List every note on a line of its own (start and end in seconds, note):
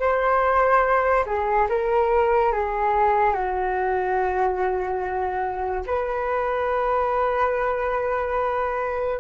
0.00 1.25 C5
1.26 1.68 G#4
1.69 2.52 A#4
2.52 3.34 G#4
3.34 5.84 F#4
5.87 9.20 B4